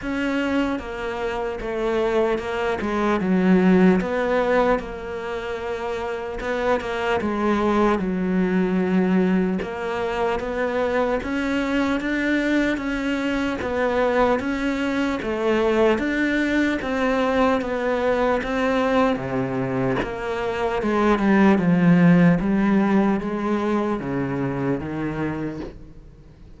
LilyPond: \new Staff \with { instrumentName = "cello" } { \time 4/4 \tempo 4 = 75 cis'4 ais4 a4 ais8 gis8 | fis4 b4 ais2 | b8 ais8 gis4 fis2 | ais4 b4 cis'4 d'4 |
cis'4 b4 cis'4 a4 | d'4 c'4 b4 c'4 | c4 ais4 gis8 g8 f4 | g4 gis4 cis4 dis4 | }